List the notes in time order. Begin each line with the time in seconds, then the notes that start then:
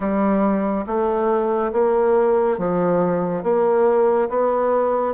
0.00 G3
0.86 A3
1.72 A#3
2.58 F3
3.43 A#3
4.29 B3